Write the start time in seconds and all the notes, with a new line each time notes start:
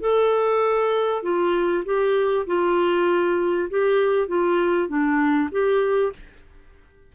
0.00 A4
1.22 F4
1.85 G4
2.46 F4
3.70 G4
4.27 F4
4.88 D4
5.51 G4